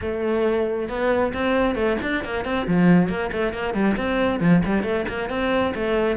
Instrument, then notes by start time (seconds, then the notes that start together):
cello
0.01 A3
0.88 B3
1.33 C4
1.75 A3
2.02 D4
2.24 A#3
2.44 C4
2.67 F3
3.08 A#3
3.31 A3
3.53 A#3
3.74 G3
3.96 C4
4.40 F3
4.65 G3
4.83 A3
5.08 A#3
5.29 C4
5.74 A3